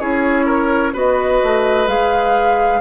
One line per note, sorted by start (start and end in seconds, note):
0.00 0.94 C#4
0.00 0.94 E4
0.00 0.46 G#4
0.00 0.94 C#5
0.46 0.92 A#4
0.93 1.41 B3
0.93 1.88 F#4
0.93 2.81 B4
0.93 1.88 D#5
1.43 1.87 A3
1.87 2.81 G#3
1.87 2.81 G#4
1.87 2.81 F5